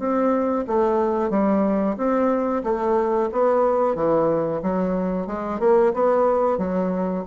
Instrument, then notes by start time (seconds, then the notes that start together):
bassoon
0.00 C4
0.68 A3
1.30 G3
1.98 C4
2.64 A3
3.33 B3
3.96 E3
4.63 F#3
5.27 G#3
5.60 A#3
5.94 B3
6.59 F#3